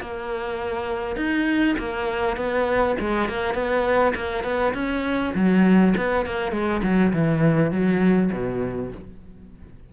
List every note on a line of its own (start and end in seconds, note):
0.00 1.16 A#3
1.16 1.75 D#4
1.78 2.36 A#3
2.36 2.95 B3
2.99 3.28 G#3
3.28 3.54 A#3
3.54 4.13 B3
4.15 4.43 A#3
4.43 4.73 B3
4.74 5.33 C#4
5.34 5.94 F#3
5.96 6.25 B3
6.25 6.51 A#3
6.51 6.81 G#3
6.83 7.12 F#3
7.13 7.71 E3
7.71 8.30 F#3
8.32 8.91 B2